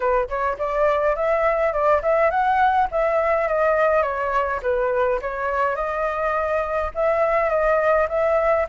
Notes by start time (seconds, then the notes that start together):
0.00 B4
0.28 C#5
0.58 D5
1.15 E5
1.73 D5
2.02 E5
2.30 F#5
2.91 E5
3.47 D#5
4.02 C#5
4.62 B4
5.21 C#5
5.75 D#5
6.94 E5
7.49 D#5
8.08 E5